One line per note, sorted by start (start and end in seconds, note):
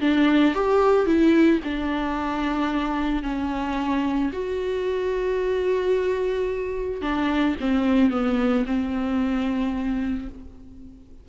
0.00 0.54 D4
0.54 1.06 G4
1.06 1.60 E4
1.64 3.23 D4
3.23 4.31 C#4
4.32 7.01 F#4
7.01 7.55 D4
7.60 8.11 C4
8.11 8.65 B3
8.66 10.28 C4